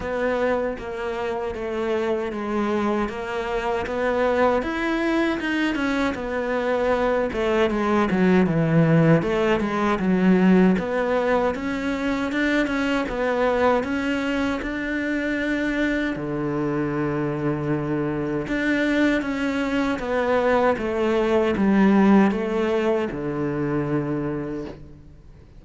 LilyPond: \new Staff \with { instrumentName = "cello" } { \time 4/4 \tempo 4 = 78 b4 ais4 a4 gis4 | ais4 b4 e'4 dis'8 cis'8 | b4. a8 gis8 fis8 e4 | a8 gis8 fis4 b4 cis'4 |
d'8 cis'8 b4 cis'4 d'4~ | d'4 d2. | d'4 cis'4 b4 a4 | g4 a4 d2 | }